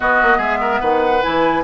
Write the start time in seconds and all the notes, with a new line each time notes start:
0.00 B3 F#4 D#5
0.22 A#3
0.37 G#3 G#4 E5
0.61 A#4
0.80 D#3 B4 F#5
1.22 E3 E4 G#5